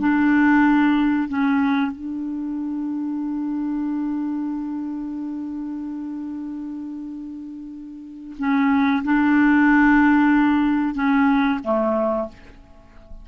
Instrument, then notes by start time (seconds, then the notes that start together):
clarinet
0.00 D4
1.29 C#4
1.92 D4
8.39 C#4
9.05 D4
10.95 C#4
11.64 A3